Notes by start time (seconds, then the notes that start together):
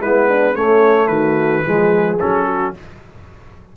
0.00 G#3 B3 E4 B4
0.28 D4
0.52 A3 C#4 C#5
1.07 D#3 F#4 B4
1.64 F3 G#3 G#4
2.19 F#3 C#4 A4
2.46 F#4